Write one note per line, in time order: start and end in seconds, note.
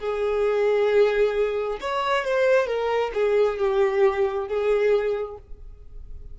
0.00 1.79 G#4
1.81 2.25 C#5
2.25 2.67 C5
2.67 3.12 A#4
3.14 3.58 G#4
3.58 4.48 G4
4.48 5.37 G#4